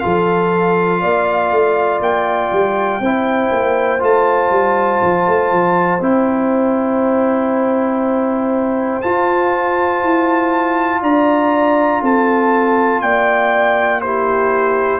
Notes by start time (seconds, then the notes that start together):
0.00 F3 F4 A4 F5
1.01 A#3 D5
1.52 A3
2.01 A#3 G5
2.53 G3
3.01 C4 E4 C5
3.52 A#3
4.00 A3 F4 A5
4.51 G3
5.03 F3
5.28 A3
5.53 F3
6.01 C4 E4 G5
9.02 F4 A5
10.04 E4
11.03 D4 D5 A#5
12.03 C4 A4 A5
13.02 A#3 D5 G5
14.02 E4 G4 C5